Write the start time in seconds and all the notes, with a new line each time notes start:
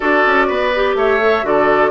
0.00 D4 F#4 A4 D5
0.26 C#4
0.47 B3 B4
0.75 G4
0.94 A3 C#5 E5
1.20 A4
1.43 D3 F#4 A4 D5